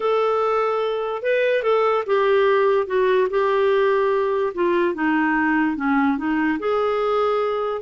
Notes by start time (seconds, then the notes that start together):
0.00 A4
1.22 B4
1.63 A4
2.06 G4
2.86 F#4
3.30 G4
4.54 F4
4.94 D#4
5.76 C#4
6.17 D#4
6.59 G#4